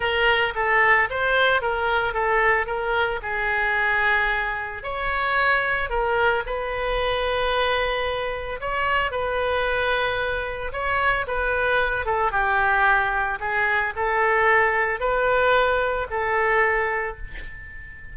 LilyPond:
\new Staff \with { instrumentName = "oboe" } { \time 4/4 \tempo 4 = 112 ais'4 a'4 c''4 ais'4 | a'4 ais'4 gis'2~ | gis'4 cis''2 ais'4 | b'1 |
cis''4 b'2. | cis''4 b'4. a'8 g'4~ | g'4 gis'4 a'2 | b'2 a'2 | }